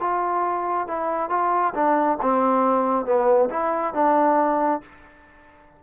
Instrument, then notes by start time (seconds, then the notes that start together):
trombone
0.00 F4
0.87 E4
1.30 F4
1.74 D4
2.22 C4
3.05 B3
3.50 E4
3.94 D4